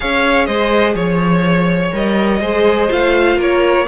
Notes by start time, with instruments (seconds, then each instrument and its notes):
0.00 cello C#4, viola G#4, violin C#5 F5
0.45 cello G#3, violin C5 D#5
0.94 cello F3, violin C#5
1.92 cello G3, viola A#4, violin D#5
2.40 cello G#3, viola G#4, violin C5
2.89 cello A3, viola F4, violin F5
3.36 cello A#3, violin A#4 C#5